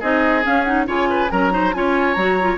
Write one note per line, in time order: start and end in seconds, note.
0.00 0.45 C4
0.00 0.43 D#4
0.00 0.86 G#4
0.00 0.45 D#5
0.43 0.65 C#4
0.43 0.87 C#4
0.43 0.64 F5
0.64 0.87 D#4
0.64 0.85 F#5
0.87 1.30 C#3
0.87 1.30 F4
0.87 1.09 C#5
0.87 1.31 G#5
1.10 1.31 B4
1.30 1.74 F#3
1.30 1.51 C#4
1.30 1.53 A#4
1.30 1.74 A#5
1.51 1.72 D#4
1.51 1.75 C5
1.74 2.16 C#4
1.74 2.17 F4
1.74 2.58 C#5
1.74 2.14 G#5
2.14 2.58 F#3
2.14 2.40 F#4
2.14 2.57 A#5
2.41 2.58 F4